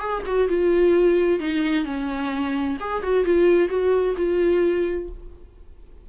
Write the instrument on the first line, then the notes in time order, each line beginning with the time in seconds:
viola
0.00 G#4
0.26 F#4
0.48 F4
1.40 D#4
1.85 C#4
2.80 G#4
3.03 F#4
3.25 F4
3.69 F#4
4.17 F4